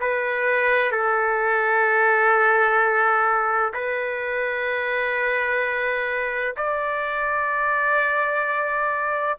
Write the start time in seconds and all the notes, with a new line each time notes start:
0.00 B4
0.91 A4
3.73 B4
6.56 D5